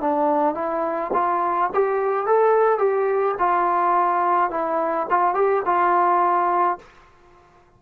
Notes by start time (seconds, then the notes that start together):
0.00 D4
0.54 E4
1.13 F4
1.74 G4
2.26 A4
2.78 G4
3.39 F4
4.50 E4
5.09 F4
5.34 G4
5.65 F4